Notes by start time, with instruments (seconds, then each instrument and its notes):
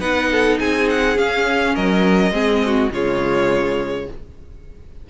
0.00 cello B3, viola D#4, violin B4 F#5
0.32 violin A4
0.60 cello C4, violin G#4 G#5
0.90 violin F#5
1.16 viola C#4, cello C#4, violin F5
1.75 cello F#3, violin A#4 D#5
2.31 cello G#3, viola C4, violin G#4
2.66 violin F#4
2.91 cello C#3, viola G#3, violin F4 C#5